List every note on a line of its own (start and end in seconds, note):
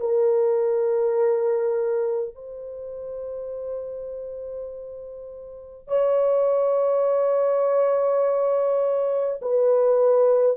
0.00 2.35 A#4
2.35 5.88 C5
5.88 9.41 C#5
9.42 10.57 B4